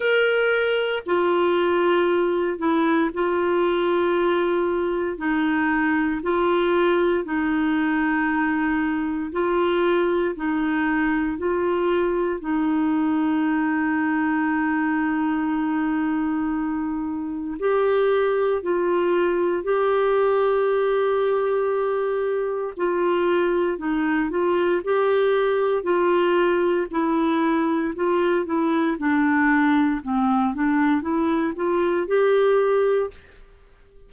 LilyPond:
\new Staff \with { instrumentName = "clarinet" } { \time 4/4 \tempo 4 = 58 ais'4 f'4. e'8 f'4~ | f'4 dis'4 f'4 dis'4~ | dis'4 f'4 dis'4 f'4 | dis'1~ |
dis'4 g'4 f'4 g'4~ | g'2 f'4 dis'8 f'8 | g'4 f'4 e'4 f'8 e'8 | d'4 c'8 d'8 e'8 f'8 g'4 | }